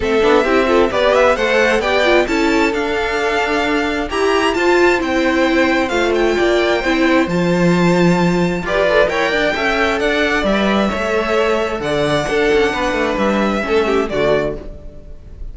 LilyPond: <<
  \new Staff \with { instrumentName = "violin" } { \time 4/4 \tempo 4 = 132 e''2 d''8 e''8 fis''4 | g''4 a''4 f''2~ | f''4 ais''4 a''4 g''4~ | g''4 f''8 g''2~ g''8 |
a''2. d''4 | g''2 fis''4 e''4~ | e''2 fis''2~ | fis''4 e''2 d''4 | }
  \new Staff \with { instrumentName = "violin" } { \time 4/4 a'4 g'8 a'8 b'4 c''4 | d''4 a'2.~ | a'4 g'4 c''2~ | c''2 d''4 c''4~ |
c''2. b'4 | cis''8 d''8 e''4 d''2 | cis''2 d''4 a'4 | b'2 a'8 g'8 fis'4 | }
  \new Staff \with { instrumentName = "viola" } { \time 4/4 c'8 d'8 e'8 f'8 g'4 a'4 | g'8 f'8 e'4 d'2~ | d'4 g'4 f'4 e'4~ | e'4 f'2 e'4 |
f'2. g'8 a'8 | ais'4 a'2 b'4 | a'2. d'4~ | d'2 cis'4 a4 | }
  \new Staff \with { instrumentName = "cello" } { \time 4/4 a8 b8 c'4 b4 a4 | b4 cis'4 d'2~ | d'4 e'4 f'4 c'4~ | c'4 a4 ais4 c'4 |
f2. f'4 | e'8 d'8 cis'4 d'4 g4 | a2 d4 d'8 cis'8 | b8 a8 g4 a4 d4 | }
>>